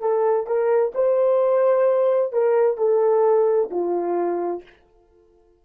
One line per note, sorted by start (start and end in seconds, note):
0.00 0.46 A4
0.46 0.92 A#4
0.94 2.32 C5
2.32 2.77 A#4
2.77 3.69 A4
3.70 4.62 F4